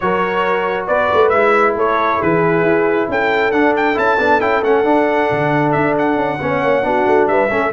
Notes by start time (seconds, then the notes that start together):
0.00 F#3 F#4 A#4 C#5
0.87 B3 B4 D5
1.13 A3
1.29 G#3 E4 E5
1.75 A3 A4 C#5
2.19 E3 G#4 B4
2.62 E4
3.08 C#4 A4 G5
3.51 D4 F#5
3.76 G5
3.94 C#4 E4 A5
4.18 B3 D4
4.40 C#4 E4 G5
4.63 A3 C#4 F#5
4.84 D4
5.31 D3
5.72 D4 E5
5.98 F#5
6.16 C#4
6.41 B3 C#4 C#5
6.62 A#3
6.82 B3 D4 F#4
7.06 A3
7.27 G3 B4 E5
7.49 A3 C#4 A4